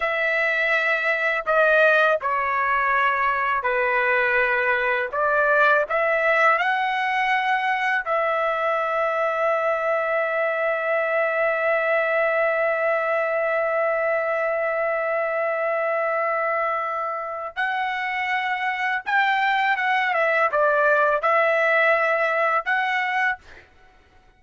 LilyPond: \new Staff \with { instrumentName = "trumpet" } { \time 4/4 \tempo 4 = 82 e''2 dis''4 cis''4~ | cis''4 b'2 d''4 | e''4 fis''2 e''4~ | e''1~ |
e''1~ | e''1 | fis''2 g''4 fis''8 e''8 | d''4 e''2 fis''4 | }